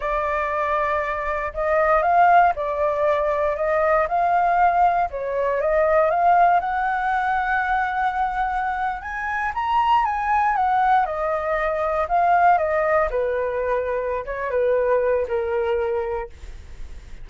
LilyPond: \new Staff \with { instrumentName = "flute" } { \time 4/4 \tempo 4 = 118 d''2. dis''4 | f''4 d''2 dis''4 | f''2 cis''4 dis''4 | f''4 fis''2.~ |
fis''4.~ fis''16 gis''4 ais''4 gis''16~ | gis''8. fis''4 dis''2 f''16~ | f''8. dis''4 b'2~ b'16 | cis''8 b'4. ais'2 | }